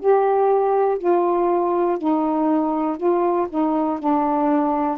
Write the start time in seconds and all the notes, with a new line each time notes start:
0.00 G4
0.99 F4
1.99 D#4
2.98 F4
3.49 D#4
4.00 D4